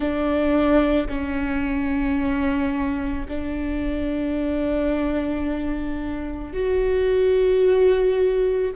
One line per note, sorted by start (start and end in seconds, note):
0.00 1.07 D4
1.09 3.27 C#4
3.28 6.53 D4
6.53 8.71 F#4